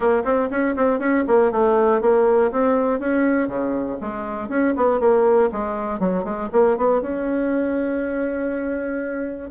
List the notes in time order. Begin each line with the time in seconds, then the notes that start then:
0.00 A#3
0.24 C4
0.50 C#4
0.75 C4
0.99 C#4
1.27 A#3
1.51 A3
2.01 A#3
2.51 C4
2.99 C#4
3.47 C#3
4.00 G#3
4.49 C#4
4.76 B3
5.00 A#3
5.51 G#3
5.99 F#3
6.24 G#3
6.52 A#3
6.77 B3
7.01 C#4